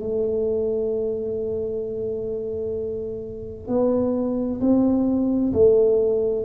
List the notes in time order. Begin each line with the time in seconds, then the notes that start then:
0.00 A3
3.68 B3
4.60 C4
5.53 A3